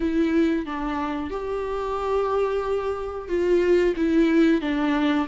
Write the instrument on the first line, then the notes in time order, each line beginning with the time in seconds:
viola
0.00 E4
0.65 D4
1.30 G4
3.28 F4
3.96 E4
4.61 D4